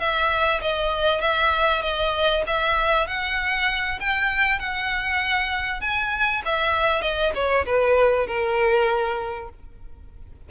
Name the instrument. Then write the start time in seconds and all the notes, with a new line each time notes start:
violin
0.00 E5
0.62 D#5
1.21 E5
1.82 D#5
2.47 E5
3.08 F#5
4.00 G5
4.59 F#5
5.81 G#5
6.45 E5
7.02 D#5
7.35 C#5
7.66 B4
8.27 A#4